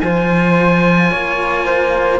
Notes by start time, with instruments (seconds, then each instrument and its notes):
0.00 cello F3 F4, flute C5, oboe G#5
1.11 cello A#3, flute C#5
1.66 flute C5